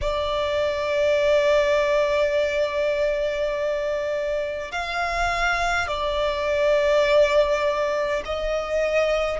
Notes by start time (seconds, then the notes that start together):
0.01 D5
4.71 F5
5.87 D5
8.25 D#5